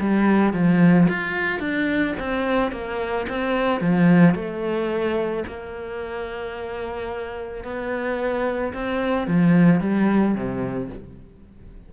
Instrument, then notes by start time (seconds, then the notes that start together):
cello
0.00 G3
0.53 F3
1.08 F4
1.59 D4
2.19 C4
2.71 A#3
3.29 C4
3.81 F3
4.35 A3
5.47 A#3
7.64 B3
8.73 C4
9.27 F3
9.80 G3
10.35 C3